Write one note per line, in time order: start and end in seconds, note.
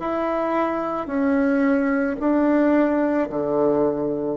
0.00 1.07 E4
1.07 2.16 C#4
2.20 3.29 D4
3.29 4.37 D3